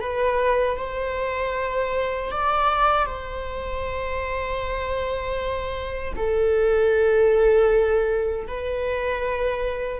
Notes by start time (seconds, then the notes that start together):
0.00 B4
0.77 C5
2.30 D5
3.05 C5
6.16 A4
8.47 B4